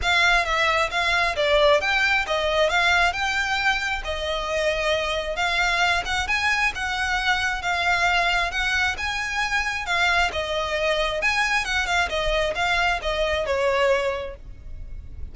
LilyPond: \new Staff \with { instrumentName = "violin" } { \time 4/4 \tempo 4 = 134 f''4 e''4 f''4 d''4 | g''4 dis''4 f''4 g''4~ | g''4 dis''2. | f''4. fis''8 gis''4 fis''4~ |
fis''4 f''2 fis''4 | gis''2 f''4 dis''4~ | dis''4 gis''4 fis''8 f''8 dis''4 | f''4 dis''4 cis''2 | }